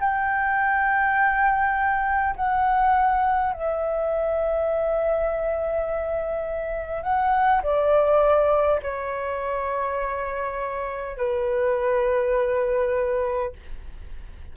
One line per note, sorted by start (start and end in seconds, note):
0.00 2.35 G5
2.36 3.53 F#5
3.53 7.03 E5
7.03 7.61 F#5
7.63 8.80 D5
8.82 11.17 C#5
11.17 13.52 B4